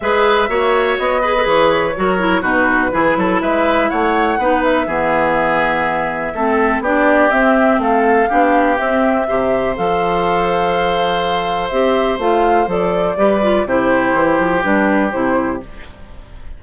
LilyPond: <<
  \new Staff \with { instrumentName = "flute" } { \time 4/4 \tempo 4 = 123 e''2 dis''4 cis''4~ | cis''4 b'2 e''4 | fis''4. e''2~ e''8~ | e''2 d''4 e''4 |
f''2 e''2 | f''1 | e''4 f''4 d''2 | c''2 b'4 c''4 | }
  \new Staff \with { instrumentName = "oboe" } { \time 4/4 b'4 cis''4. b'4. | ais'4 fis'4 gis'8 a'8 b'4 | cis''4 b'4 gis'2~ | gis'4 a'4 g'2 |
a'4 g'2 c''4~ | c''1~ | c''2. b'4 | g'1 | }
  \new Staff \with { instrumentName = "clarinet" } { \time 4/4 gis'4 fis'4. gis'16 a'16 gis'4 | fis'8 e'8 dis'4 e'2~ | e'4 dis'4 b2~ | b4 c'4 d'4 c'4~ |
c'4 d'4 c'4 g'4 | a'1 | g'4 f'4 a'4 g'8 f'8 | e'2 d'4 e'4 | }
  \new Staff \with { instrumentName = "bassoon" } { \time 4/4 gis4 ais4 b4 e4 | fis4 b,4 e8 fis8 gis4 | a4 b4 e2~ | e4 a4 b4 c'4 |
a4 b4 c'4 c4 | f1 | c'4 a4 f4 g4 | c4 e8 f8 g4 c4 | }
>>